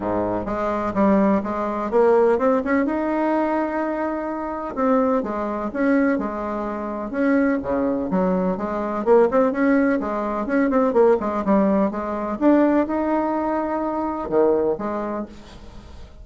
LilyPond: \new Staff \with { instrumentName = "bassoon" } { \time 4/4 \tempo 4 = 126 gis,4 gis4 g4 gis4 | ais4 c'8 cis'8 dis'2~ | dis'2 c'4 gis4 | cis'4 gis2 cis'4 |
cis4 fis4 gis4 ais8 c'8 | cis'4 gis4 cis'8 c'8 ais8 gis8 | g4 gis4 d'4 dis'4~ | dis'2 dis4 gis4 | }